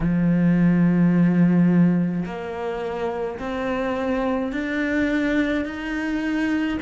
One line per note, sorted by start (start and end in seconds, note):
0.00 2.25 F3
2.25 3.39 A#3
3.39 4.52 C4
4.52 5.65 D4
5.65 6.78 D#4